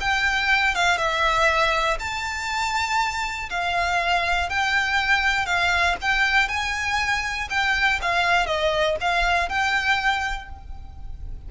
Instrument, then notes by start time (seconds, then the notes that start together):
violin
0.00 G5
0.75 F5
0.97 E5
1.99 A5
3.50 F5
4.49 G5
5.46 F5
6.01 G5
6.48 G#5
7.50 G5
8.02 F5
8.46 D#5
9.00 F5
9.49 G5